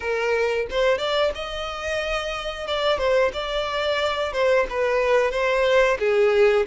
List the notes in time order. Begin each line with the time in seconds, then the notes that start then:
0.00 A#4
0.70 C5
0.98 D5
1.35 D#5
2.67 D5
2.98 C5
3.33 D5
4.32 C5
4.69 B4
5.31 C5
5.99 G#4